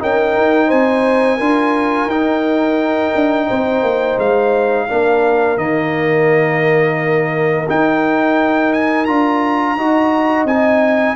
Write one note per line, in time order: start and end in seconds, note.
0.00 0.37 C#4
0.00 1.40 D#4
0.00 0.68 A#4
0.00 0.70 G5
0.37 0.72 D#4
0.68 1.40 C4
0.68 1.37 C5
0.68 2.10 G#5
1.37 2.07 D4
1.37 2.10 F4
1.37 3.47 A#4
2.07 3.11 D#4
2.07 4.89 D#4
2.07 4.19 G5
3.15 3.50 D4
3.48 3.83 C4
3.48 4.87 C5
3.83 4.17 A#3
4.18 4.88 G#3
4.18 5.58 F5
4.88 5.58 A#3
4.88 5.58 D4
4.88 9.76 A#4
5.58 7.67 D#3
5.58 7.67 A#3
5.58 7.68 D#5
7.68 9.08 D#4
7.68 9.09 D#4
7.68 8.73 G5
8.73 9.06 G#5
9.06 9.76 D4
9.06 9.78 F4
9.06 10.45 A#5
9.76 10.45 D#4
9.76 10.48 F#4
9.76 11.16 D#5
10.45 11.15 C4
10.45 11.16 D#4
10.45 11.16 G#5